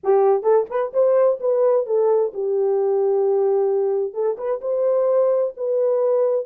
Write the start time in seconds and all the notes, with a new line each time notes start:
0.03 G4
0.42 A4
0.69 B4
0.93 C5
1.40 B4
1.86 A4
2.33 G4
4.13 A4
4.37 B4
4.61 C5
5.56 B4